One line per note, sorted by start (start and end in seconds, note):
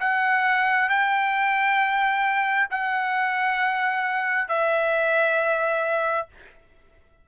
0.00 0.89 F#5
0.89 2.68 G5
2.70 4.49 F#5
4.49 6.28 E5